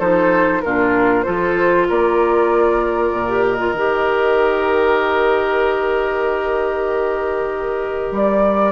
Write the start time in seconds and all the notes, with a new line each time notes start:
0.00 F3 D#4 A4 C5
0.62 A#2 D4 F4 A#4
1.24 F3 F4 A4 C5
1.89 A#3 A#4 D5
3.13 A#2
3.28 G4
3.45 D#5
3.59 F4
3.74 D#3 G4
8.12 G3 D5